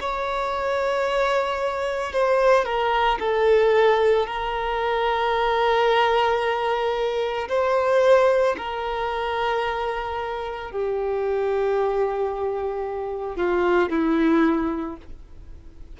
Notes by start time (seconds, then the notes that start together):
0.00 C#5
2.12 C5
2.64 A#4
3.19 A4
4.26 A#4
7.48 C5
8.57 A#4
10.71 G4
13.36 F4
13.89 E4